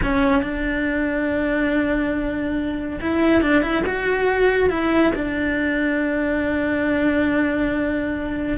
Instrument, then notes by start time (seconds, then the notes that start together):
cello
0.02 C#4
0.42 D4
3.01 E4
3.42 D4
3.62 E4
3.86 F#4
4.69 E4
5.14 D4